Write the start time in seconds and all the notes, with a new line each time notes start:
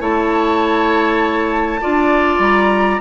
0.00 A3 E4 C#5 A5
1.81 D4 F4 D5
2.39 G3 A#5